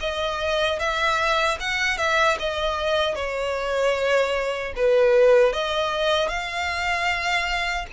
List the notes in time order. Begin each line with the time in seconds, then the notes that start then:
0.00 D#5
0.79 E5
1.60 F#5
1.97 E5
2.39 D#5
3.15 C#5
4.76 B4
5.53 D#5
6.28 F5